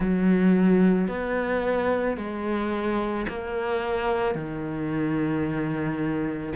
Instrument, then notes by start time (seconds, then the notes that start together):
cello
0.00 F#3
1.08 B3
2.17 G#3
3.28 A#3
4.34 D#3